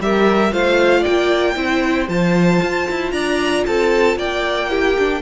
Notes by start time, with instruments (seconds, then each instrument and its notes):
0.00 cello G3, viola G4, violin A#4 E5
0.52 cello A3, viola F4, violin C5 F5
1.01 violin D5 G5
1.08 cello A#3
1.56 cello C4, viola E4, violin C5
2.09 cello F3, viola F4, violin A5
2.63 cello F4
2.90 cello E4
3.12 cello D4, violin D5 A#5
3.66 cello C4, violin A4 A5
4.17 cello A#3, violin D5 G5
4.70 viola E4, violin G4
4.99 viola D4